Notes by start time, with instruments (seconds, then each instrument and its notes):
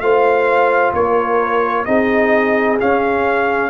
0.00 tuba A3, trombone F4, horn C5, trumpet F5
0.93 tuba A#3, horn A#4, trumpet C#5
1.85 tuba C4, trombone D#4, horn G#4, trumpet D#5
2.79 trombone C#4, tuba C#4, trumpet F5